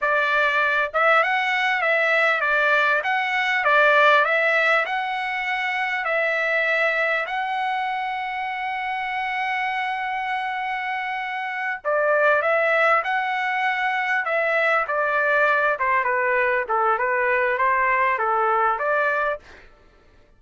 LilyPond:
\new Staff \with { instrumentName = "trumpet" } { \time 4/4 \tempo 4 = 99 d''4. e''8 fis''4 e''4 | d''4 fis''4 d''4 e''4 | fis''2 e''2 | fis''1~ |
fis''2.~ fis''8 d''8~ | d''8 e''4 fis''2 e''8~ | e''8 d''4. c''8 b'4 a'8 | b'4 c''4 a'4 d''4 | }